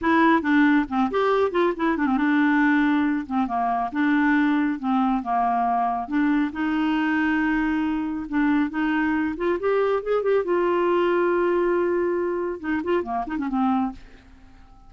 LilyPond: \new Staff \with { instrumentName = "clarinet" } { \time 4/4 \tempo 4 = 138 e'4 d'4 c'8 g'4 f'8 | e'8 d'16 c'16 d'2~ d'8 c'8 | ais4 d'2 c'4 | ais2 d'4 dis'4~ |
dis'2. d'4 | dis'4. f'8 g'4 gis'8 g'8 | f'1~ | f'4 dis'8 f'8 ais8 dis'16 cis'16 c'4 | }